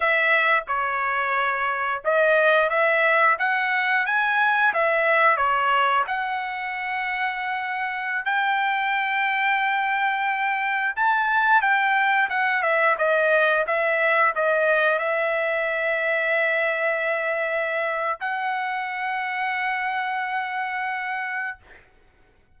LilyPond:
\new Staff \with { instrumentName = "trumpet" } { \time 4/4 \tempo 4 = 89 e''4 cis''2 dis''4 | e''4 fis''4 gis''4 e''4 | cis''4 fis''2.~ | fis''16 g''2.~ g''8.~ |
g''16 a''4 g''4 fis''8 e''8 dis''8.~ | dis''16 e''4 dis''4 e''4.~ e''16~ | e''2. fis''4~ | fis''1 | }